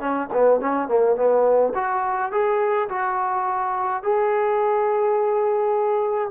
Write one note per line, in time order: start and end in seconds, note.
0.00 0.29 C#4
0.33 0.61 B3
0.61 0.89 C#4
0.89 1.16 A#3
1.16 1.73 B3
1.75 2.32 F#4
2.32 2.89 G#4
2.89 4.03 F#4
4.03 6.31 G#4